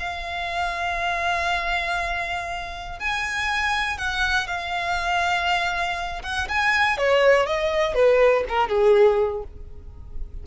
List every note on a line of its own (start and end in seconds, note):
0.00 3.00 F5
3.00 3.98 G#5
3.98 4.47 F#5
4.47 6.22 F5
6.23 6.48 F#5
6.49 6.98 G#5
6.98 7.46 C#5
7.46 7.95 D#5
7.95 8.45 B4
8.49 8.69 A#4
8.69 9.44 G#4